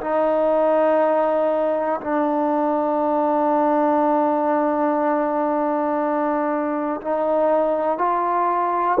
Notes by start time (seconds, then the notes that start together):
0.00 D#4
2.00 D4
7.01 D#4
7.98 F4